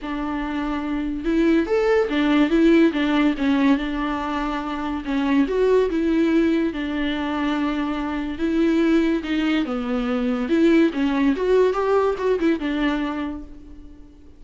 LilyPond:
\new Staff \with { instrumentName = "viola" } { \time 4/4 \tempo 4 = 143 d'2. e'4 | a'4 d'4 e'4 d'4 | cis'4 d'2. | cis'4 fis'4 e'2 |
d'1 | e'2 dis'4 b4~ | b4 e'4 cis'4 fis'4 | g'4 fis'8 e'8 d'2 | }